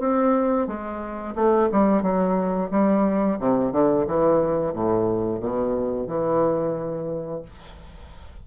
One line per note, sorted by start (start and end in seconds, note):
0.00 0.67 C4
0.67 1.35 G#3
1.35 1.69 A3
1.73 2.03 G3
2.03 2.70 F#3
2.71 3.39 G3
3.40 3.72 C3
3.72 4.06 D3
4.07 4.73 E3
4.73 5.40 A2
5.40 6.08 B2
6.08 7.42 E3